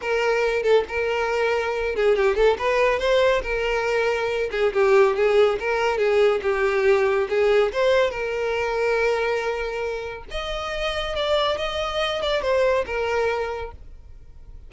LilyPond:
\new Staff \with { instrumentName = "violin" } { \time 4/4 \tempo 4 = 140 ais'4. a'8 ais'2~ | ais'8 gis'8 g'8 a'8 b'4 c''4 | ais'2~ ais'8 gis'8 g'4 | gis'4 ais'4 gis'4 g'4~ |
g'4 gis'4 c''4 ais'4~ | ais'1 | dis''2 d''4 dis''4~ | dis''8 d''8 c''4 ais'2 | }